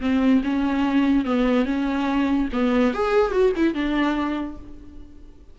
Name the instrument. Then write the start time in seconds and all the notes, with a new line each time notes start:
viola
0.00 C4
0.43 C#4
1.25 B3
1.65 C#4
2.52 B3
2.94 G#4
3.31 F#4
3.56 E4
3.74 D4